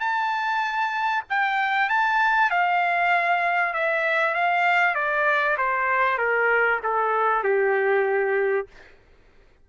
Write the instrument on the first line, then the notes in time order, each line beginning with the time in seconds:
trumpet
0.00 A5
1.30 G5
1.89 A5
2.51 F5
3.74 E5
4.35 F5
4.95 D5
5.58 C5
6.18 A#4
6.84 A4
7.44 G4